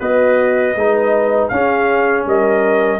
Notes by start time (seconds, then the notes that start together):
0.00 B3 F#4 B4 D#5
0.75 G#3 D#4 B4
1.48 C#4 G#4 F5
2.26 G3 A#4 D#5